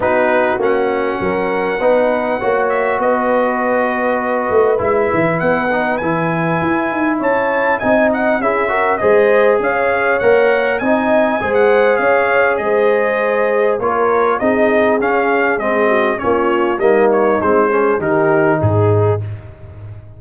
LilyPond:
<<
  \new Staff \with { instrumentName = "trumpet" } { \time 4/4 \tempo 4 = 100 b'4 fis''2.~ | fis''8 e''8 dis''2. | e''4 fis''4 gis''2 | a''4 gis''8 fis''8 e''4 dis''4 |
f''4 fis''4 gis''4~ gis''16 fis''8. | f''4 dis''2 cis''4 | dis''4 f''4 dis''4 cis''4 | dis''8 cis''8 c''4 ais'4 gis'4 | }
  \new Staff \with { instrumentName = "horn" } { \time 4/4 fis'2 ais'4 b'4 | cis''4 b'2.~ | b'1 | cis''4 dis''4 gis'8 ais'8 c''4 |
cis''2 dis''4 c''4 | cis''4 c''2 ais'4 | gis'2~ gis'8 fis'8 f'4 | dis'4. gis'8 g'4 gis'4 | }
  \new Staff \with { instrumentName = "trombone" } { \time 4/4 dis'4 cis'2 dis'4 | fis'1 | e'4. dis'8 e'2~ | e'4 dis'4 e'8 fis'8 gis'4~ |
gis'4 ais'4 dis'4 gis'4~ | gis'2. f'4 | dis'4 cis'4 c'4 cis'4 | ais4 c'8 cis'8 dis'2 | }
  \new Staff \with { instrumentName = "tuba" } { \time 4/4 b4 ais4 fis4 b4 | ais4 b2~ b8 a8 | gis8 e8 b4 e4 e'8 dis'8 | cis'4 c'4 cis'4 gis4 |
cis'4 ais4 c'4 gis4 | cis'4 gis2 ais4 | c'4 cis'4 gis4 ais4 | g4 gis4 dis4 gis,4 | }
>>